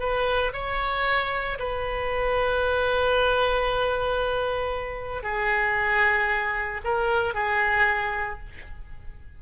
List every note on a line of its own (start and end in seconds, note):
0.00 0.53 B4
0.54 1.59 C#5
1.59 5.24 B4
5.24 6.82 G#4
6.85 7.35 A#4
7.35 8.40 G#4